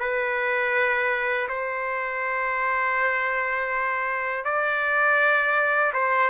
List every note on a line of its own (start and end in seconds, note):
0.00 1.48 B4
1.49 4.45 C5
4.45 5.93 D5
5.94 6.30 C5